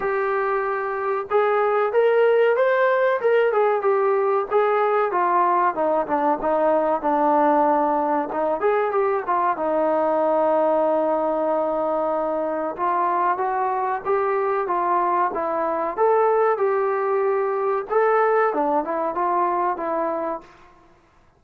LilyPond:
\new Staff \with { instrumentName = "trombone" } { \time 4/4 \tempo 4 = 94 g'2 gis'4 ais'4 | c''4 ais'8 gis'8 g'4 gis'4 | f'4 dis'8 d'8 dis'4 d'4~ | d'4 dis'8 gis'8 g'8 f'8 dis'4~ |
dis'1 | f'4 fis'4 g'4 f'4 | e'4 a'4 g'2 | a'4 d'8 e'8 f'4 e'4 | }